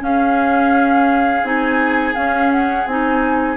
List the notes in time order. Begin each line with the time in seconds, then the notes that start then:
0.00 C#4 G#4 F5
1.43 C4 D#4 G#5
2.15 C#4 F5
2.51 F#5
2.86 C4 D#4 G#5